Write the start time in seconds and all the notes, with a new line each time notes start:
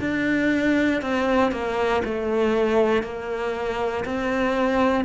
0.00 D4
1.01 C4
1.52 A#3
2.04 A3
3.03 A#3
4.04 C4